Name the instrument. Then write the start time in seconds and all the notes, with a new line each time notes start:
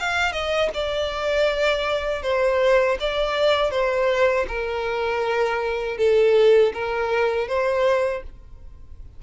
violin
0.00 F5
0.32 D#5
0.74 D5
2.23 C5
3.00 D5
3.71 C5
4.48 A#4
5.98 A4
6.74 A#4
7.48 C5